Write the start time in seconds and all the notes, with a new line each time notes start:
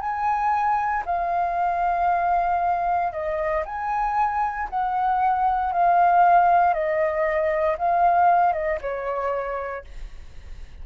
0.00 G#5
1.05 F5
3.12 D#5
3.65 G#5
4.69 F#5
5.72 F5
6.73 D#5
7.78 F5
8.53 D#5
8.81 C#5